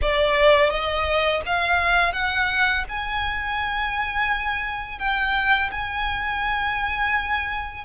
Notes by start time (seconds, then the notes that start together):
0.01 D5
0.69 D#5
1.45 F5
2.12 F#5
2.89 G#5
4.98 G5
5.71 G#5